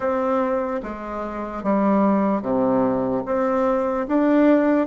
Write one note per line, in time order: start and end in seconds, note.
0.00 0.81 C4
0.82 1.63 G#3
1.63 2.41 G3
2.41 3.22 C3
3.25 4.06 C4
4.08 4.87 D4